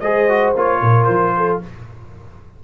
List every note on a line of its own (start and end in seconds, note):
0.00 0.54 G#3
0.00 0.29 G#4
0.00 0.81 C5
0.00 0.53 D#5
0.29 0.55 F#4
0.55 0.81 A#3
0.55 1.62 F4
0.55 1.04 C#5
0.81 1.08 A#2
0.81 1.36 A#4
1.04 1.61 F3
1.04 1.57 C5
1.37 1.63 A4